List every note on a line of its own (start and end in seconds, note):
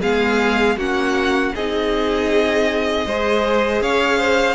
0.00 0.77 G#3
0.00 0.78 B3
0.00 0.76 G#4
0.00 0.78 F5
0.77 1.53 A#3
0.77 1.54 C#4
0.77 1.53 F#4
0.77 1.55 F#5
1.55 3.06 C4
1.55 3.09 D#4
1.55 3.06 G#4
1.55 3.82 D#5
3.06 3.81 G#3
3.06 4.54 G#4
3.06 3.82 C5
3.81 4.54 C#4
3.81 4.18 C#5
3.81 4.54 F5
4.18 4.54 C5